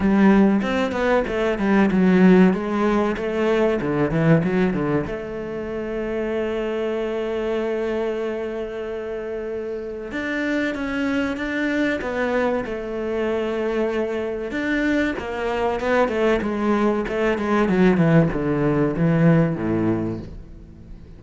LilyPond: \new Staff \with { instrumentName = "cello" } { \time 4/4 \tempo 4 = 95 g4 c'8 b8 a8 g8 fis4 | gis4 a4 d8 e8 fis8 d8 | a1~ | a1 |
d'4 cis'4 d'4 b4 | a2. d'4 | ais4 b8 a8 gis4 a8 gis8 | fis8 e8 d4 e4 a,4 | }